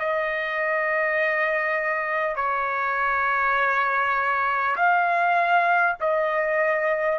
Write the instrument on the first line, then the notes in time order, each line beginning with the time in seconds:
trumpet
0.00 D#5
2.36 C#5
4.77 F5
6.01 D#5